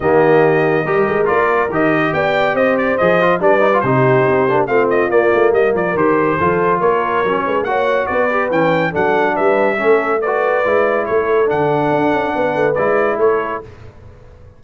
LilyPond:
<<
  \new Staff \with { instrumentName = "trumpet" } { \time 4/4 \tempo 4 = 141 dis''2. d''4 | dis''4 g''4 dis''8 d''8 dis''4 | d''4 c''2 f''8 dis''8 | d''4 dis''8 d''8 c''2 |
cis''2 fis''4 d''4 | g''4 fis''4 e''2 | d''2 cis''4 fis''4~ | fis''2 d''4 cis''4 | }
  \new Staff \with { instrumentName = "horn" } { \time 4/4 g'2 ais'2~ | ais'4 d''4 c''2 | b'4 g'2 f'4~ | f'4 ais'2 a'4 |
ais'4. b'8 cis''4 b'4~ | b'4 a'4 b'4 a'4 | b'2 a'2~ | a'4 b'2 a'4 | }
  \new Staff \with { instrumentName = "trombone" } { \time 4/4 ais2 g'4 f'4 | g'2. gis'8 f'8 | d'8 dis'16 f'16 dis'4. d'8 c'4 | ais2 g'4 f'4~ |
f'4 cis'4 fis'4. g'8 | cis'4 d'2 cis'4 | fis'4 e'2 d'4~ | d'2 e'2 | }
  \new Staff \with { instrumentName = "tuba" } { \time 4/4 dis2 g8 gis8 ais4 | dis4 b4 c'4 f4 | g4 c4 c'8 ais8 a4 | ais8 a8 g8 f8 dis4 f4 |
ais4 fis8 gis8 ais4 b4 | e4 fis4 g4 a4~ | a4 gis4 a4 d4 | d'8 cis'8 b8 a8 gis4 a4 | }
>>